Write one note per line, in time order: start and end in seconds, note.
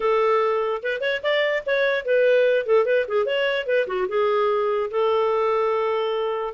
0.00 0.82 A4
0.82 1.01 B4
1.01 1.21 C#5
1.22 1.63 D5
1.66 2.05 C#5
2.05 2.65 B4
2.65 2.85 A4
2.85 3.06 B4
3.07 3.25 G#4
3.25 3.66 C#5
3.66 3.86 B4
3.87 4.07 F#4
4.08 4.90 G#4
4.91 6.54 A4